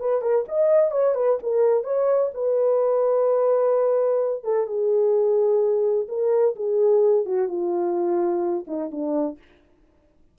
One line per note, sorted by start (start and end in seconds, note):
0.00 0.22 B4
0.22 0.45 A#4
0.49 0.92 D#5
0.92 1.15 C#5
1.15 1.39 B4
1.43 1.84 A#4
1.84 2.31 C#5
2.34 4.44 B4
4.44 4.67 A4
4.67 6.07 G#4
6.09 6.55 A#4
6.56 7.26 G#4
7.26 7.48 F#4
7.48 8.65 F4
8.68 8.91 D#4
8.91 9.38 D4